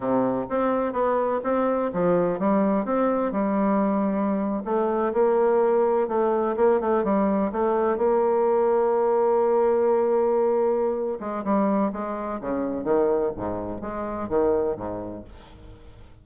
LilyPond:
\new Staff \with { instrumentName = "bassoon" } { \time 4/4 \tempo 4 = 126 c4 c'4 b4 c'4 | f4 g4 c'4 g4~ | g4.~ g16 a4 ais4~ ais16~ | ais8. a4 ais8 a8 g4 a16~ |
a8. ais2.~ ais16~ | ais2.~ ais8 gis8 | g4 gis4 cis4 dis4 | gis,4 gis4 dis4 gis,4 | }